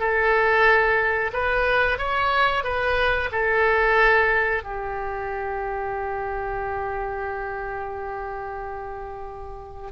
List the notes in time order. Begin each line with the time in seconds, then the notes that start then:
0.00 A4
1.33 B4
1.98 C#5
2.64 B4
3.32 A4
4.64 G4